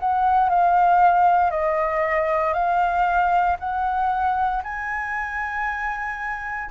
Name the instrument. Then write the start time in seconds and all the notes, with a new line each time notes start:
flute
0.00 F#5
0.49 F5
1.51 D#5
2.53 F5
3.60 F#5
4.64 G#5